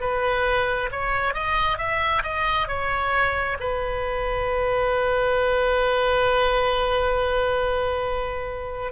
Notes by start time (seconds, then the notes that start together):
0.00 B4
0.92 C#5
1.34 D#5
1.78 E5
2.23 D#5
2.68 C#5
3.60 B4